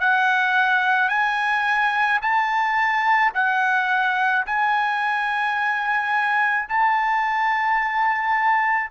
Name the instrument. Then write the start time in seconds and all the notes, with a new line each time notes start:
trumpet
0.00 F#5
1.09 G#5
2.21 A5
3.34 F#5
4.46 G#5
6.69 A5